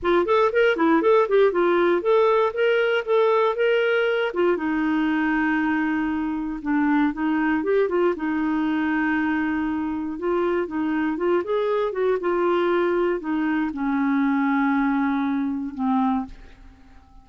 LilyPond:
\new Staff \with { instrumentName = "clarinet" } { \time 4/4 \tempo 4 = 118 f'8 a'8 ais'8 e'8 a'8 g'8 f'4 | a'4 ais'4 a'4 ais'4~ | ais'8 f'8 dis'2.~ | dis'4 d'4 dis'4 g'8 f'8 |
dis'1 | f'4 dis'4 f'8 gis'4 fis'8 | f'2 dis'4 cis'4~ | cis'2. c'4 | }